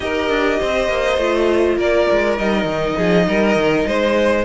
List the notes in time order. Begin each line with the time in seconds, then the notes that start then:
0.00 D#4 G4 A#4 D#5
0.29 D4
0.59 C4 C5
0.88 A#3
1.17 A3 F4
1.76 A#3 A#4 D5
2.11 G#3
2.37 G3 D#4 D#5
2.64 D#3
2.97 F3 G#4
3.27 G3 A#4
3.55 D#3
3.87 G#3 C5